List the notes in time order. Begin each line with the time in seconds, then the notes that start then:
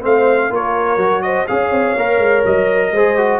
0.00 A3 C4 C5 F5
0.50 A#3 F4 A#4 C#5
0.96 F#3 F#4
1.22 C5 D#5
1.47 C#4 G#4 C#5 F5
1.71 C4
1.96 A#3 A#4
2.18 G#3
2.45 F#3 D#5
2.91 G#3 G#4 C5
3.17 F#4